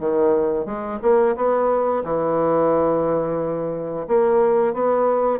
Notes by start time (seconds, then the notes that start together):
0.00 D#3
0.66 G#3
1.02 A#3
1.36 B3
2.04 E3
4.08 A#3
4.74 B3